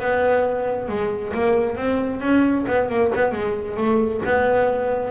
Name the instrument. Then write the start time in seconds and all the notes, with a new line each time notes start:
double bass
0.00 B3
0.89 G#3
1.34 A#3
1.77 C4
2.21 C#4
2.68 B3
2.90 A#3
3.16 B3
3.33 G#3
3.77 A3
4.25 B3